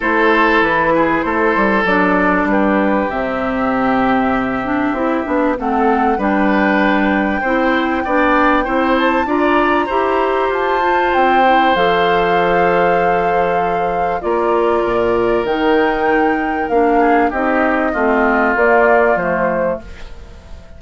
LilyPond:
<<
  \new Staff \with { instrumentName = "flute" } { \time 4/4 \tempo 4 = 97 c''4 b'4 c''4 d''4 | b'4 e''2.~ | e''4 fis''4 g''2~ | g''2~ g''8 a''8 ais''4~ |
ais''4 a''4 g''4 f''4~ | f''2. d''4~ | d''4 g''2 f''4 | dis''2 d''4 c''4 | }
  \new Staff \with { instrumentName = "oboe" } { \time 4/4 a'4. gis'8 a'2 | g'1~ | g'4 a'4 b'2 | c''4 d''4 c''4 d''4 |
c''1~ | c''2. ais'4~ | ais'2.~ ais'8 gis'8 | g'4 f'2. | }
  \new Staff \with { instrumentName = "clarinet" } { \time 4/4 e'2. d'4~ | d'4 c'2~ c'8 d'8 | e'8 d'8 c'4 d'2 | e'4 d'4 e'4 f'4 |
g'4. f'4 e'8 a'4~ | a'2. f'4~ | f'4 dis'2 d'4 | dis'4 c'4 ais4 a4 | }
  \new Staff \with { instrumentName = "bassoon" } { \time 4/4 a4 e4 a8 g8 fis4 | g4 c2. | c'8 b8 a4 g2 | c'4 b4 c'4 d'4 |
e'4 f'4 c'4 f4~ | f2. ais4 | ais,4 dis2 ais4 | c'4 a4 ais4 f4 | }
>>